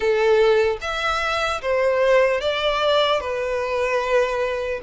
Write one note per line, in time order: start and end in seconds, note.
0.00 0.77 A4
0.81 1.61 E5
1.61 2.40 C5
2.40 3.20 D5
3.20 4.80 B4